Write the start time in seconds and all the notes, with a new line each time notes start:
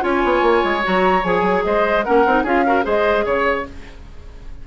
0.00 C#4 F4 C#5 G#5
0.24 B3
0.42 A#3
0.64 G#3
0.83 F#3 F#4 A#5
1.24 F3 G#4 G#5
1.41 F#3
1.64 G#3 C5 D#5
2.04 A#3 C#4 A#4 F#5
2.26 C4 D#4
2.44 C#4 F4 G#4 F5
2.66 F#4 A#4
2.83 G#3 G#4 C5 D#5
3.26 C#3 C#5